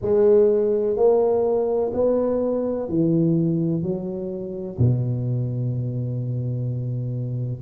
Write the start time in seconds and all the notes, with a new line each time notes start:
0.01 G#3
0.96 A#3
1.93 B3
2.88 E3
3.82 F#3
4.78 B2